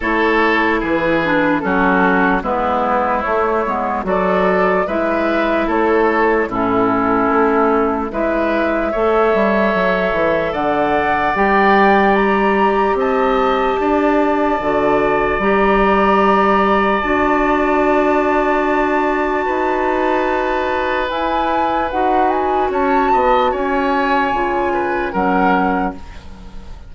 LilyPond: <<
  \new Staff \with { instrumentName = "flute" } { \time 4/4 \tempo 4 = 74 cis''4 b'4 a'4 b'4 | cis''4 d''4 e''4 cis''4 | a'2 e''2~ | e''4 fis''4 g''4 ais''4 |
a''2. ais''4~ | ais''4 a''2.~ | a''2 gis''4 fis''8 gis''8 | a''4 gis''2 fis''4 | }
  \new Staff \with { instrumentName = "oboe" } { \time 4/4 a'4 gis'4 fis'4 e'4~ | e'4 a'4 b'4 a'4 | e'2 b'4 cis''4~ | cis''4 d''2. |
dis''4 d''2.~ | d''1 | b'1 | cis''8 dis''8 cis''4. b'8 ais'4 | }
  \new Staff \with { instrumentName = "clarinet" } { \time 4/4 e'4. d'8 cis'4 b4 | a8 b8 fis'4 e'2 | cis'2 e'4 a'4~ | a'2 g'2~ |
g'2 fis'4 g'4~ | g'4 fis'2.~ | fis'2 e'4 fis'4~ | fis'2 f'4 cis'4 | }
  \new Staff \with { instrumentName = "bassoon" } { \time 4/4 a4 e4 fis4 gis4 | a8 gis8 fis4 gis4 a4 | a,4 a4 gis4 a8 g8 | fis8 e8 d4 g2 |
c'4 d'4 d4 g4~ | g4 d'2. | dis'2 e'4 dis'4 | cis'8 b8 cis'4 cis4 fis4 | }
>>